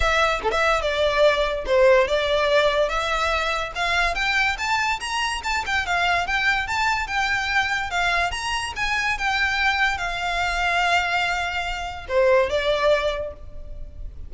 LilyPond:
\new Staff \with { instrumentName = "violin" } { \time 4/4 \tempo 4 = 144 e''4 a'16 e''8. d''2 | c''4 d''2 e''4~ | e''4 f''4 g''4 a''4 | ais''4 a''8 g''8 f''4 g''4 |
a''4 g''2 f''4 | ais''4 gis''4 g''2 | f''1~ | f''4 c''4 d''2 | }